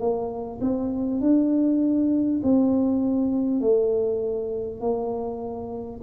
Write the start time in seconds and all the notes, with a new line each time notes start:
0.00 A#3
0.62 C4
1.21 D4
2.43 C4
3.61 A3
4.81 A#3